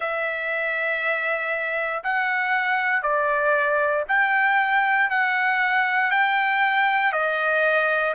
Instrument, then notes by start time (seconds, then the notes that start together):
trumpet
0.00 E5
2.03 F#5
3.02 D5
4.08 G5
5.10 F#5
6.11 G5
7.12 D#5